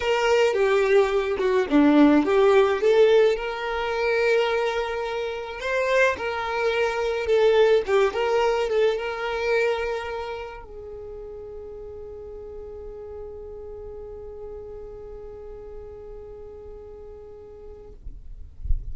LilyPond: \new Staff \with { instrumentName = "violin" } { \time 4/4 \tempo 4 = 107 ais'4 g'4. fis'8 d'4 | g'4 a'4 ais'2~ | ais'2 c''4 ais'4~ | ais'4 a'4 g'8 ais'4 a'8 |
ais'2. gis'4~ | gis'1~ | gis'1~ | gis'1 | }